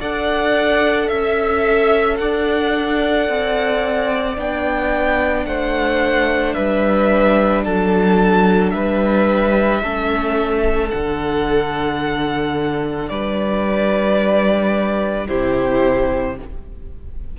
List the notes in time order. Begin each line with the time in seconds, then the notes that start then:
0.00 D4 A4 D5 F#5
1.08 C#4 E5
2.17 D4 D5 F#5
3.28 C4
4.35 B3 D4 G5
5.45 A3 C5 F#5
6.54 G3 B4 E5
7.65 F#3 A4 A5
8.70 G3 B4 E5
9.82 A3 C#4 A4
10.91 D3 D4 F#5
13.09 G3 B4 D5
15.26 C3 E4 G4 C5